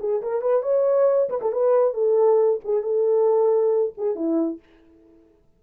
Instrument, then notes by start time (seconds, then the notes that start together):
horn
0.00 G#4
0.22 A#4
0.42 B4
0.63 C#5
1.30 B4
1.42 A4
1.53 B4
1.94 A4
2.65 G#4
2.83 A4
3.98 G#4
4.16 E4